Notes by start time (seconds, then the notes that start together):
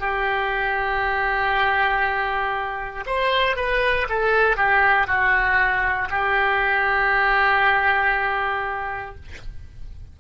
0.00 G4
3.06 C5
3.57 B4
4.10 A4
4.57 G4
5.08 F#4
6.11 G4